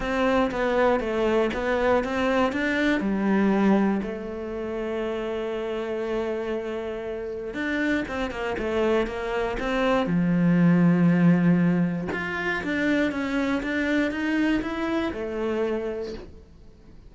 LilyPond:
\new Staff \with { instrumentName = "cello" } { \time 4/4 \tempo 4 = 119 c'4 b4 a4 b4 | c'4 d'4 g2 | a1~ | a2. d'4 |
c'8 ais8 a4 ais4 c'4 | f1 | f'4 d'4 cis'4 d'4 | dis'4 e'4 a2 | }